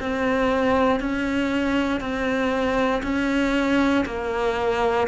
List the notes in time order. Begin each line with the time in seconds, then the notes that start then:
0.00 C4
1.00 C#4
2.00 C4
3.03 C#4
4.06 A#3